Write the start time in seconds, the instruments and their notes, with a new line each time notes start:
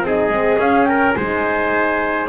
0.00 double bass C4, trumpet G#4
0.06 horn D#4, flute D#5
0.29 double bass G#3, horn C4
0.58 double bass C#4, horn C#4, flute F5
0.84 trumpet A#4, flute G5
1.15 double bass G#3, horn D#4, trumpet C5, flute G#5